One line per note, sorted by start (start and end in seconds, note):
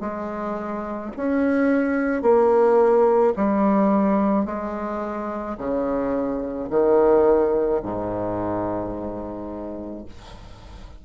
0.00 1.11 G#3
1.17 2.22 C#4
2.22 3.33 A#3
3.36 4.45 G3
4.45 5.57 G#3
5.58 6.69 C#3
6.70 7.81 D#3
7.83 10.05 G#2